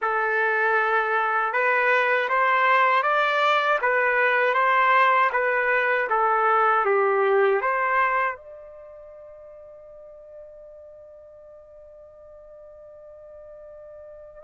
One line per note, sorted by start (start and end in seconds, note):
0.01 1.52 A4
1.52 2.28 B4
2.29 3.02 C5
3.02 3.78 D5
3.81 4.54 B4
4.54 5.30 C5
5.32 6.08 B4
6.09 6.85 A4
6.85 7.61 G4
7.61 8.35 C5
8.35 14.43 D5